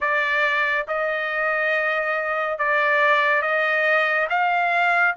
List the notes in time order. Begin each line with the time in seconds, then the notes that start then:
0.00 D5
0.87 D#5
2.58 D5
3.42 D#5
4.29 F5